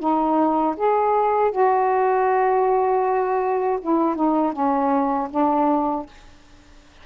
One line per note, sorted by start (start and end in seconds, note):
0.00 0.76 D#4
0.77 1.52 G#4
1.52 3.80 F#4
3.82 4.16 E4
4.16 4.53 D#4
4.53 5.29 C#4
5.31 6.07 D4